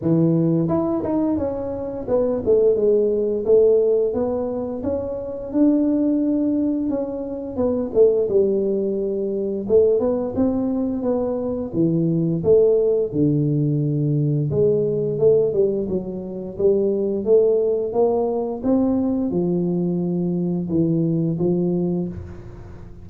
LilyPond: \new Staff \with { instrumentName = "tuba" } { \time 4/4 \tempo 4 = 87 e4 e'8 dis'8 cis'4 b8 a8 | gis4 a4 b4 cis'4 | d'2 cis'4 b8 a8 | g2 a8 b8 c'4 |
b4 e4 a4 d4~ | d4 gis4 a8 g8 fis4 | g4 a4 ais4 c'4 | f2 e4 f4 | }